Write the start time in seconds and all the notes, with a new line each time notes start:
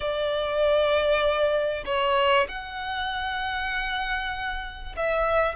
0.00 D5
1.85 C#5
2.48 F#5
4.96 E5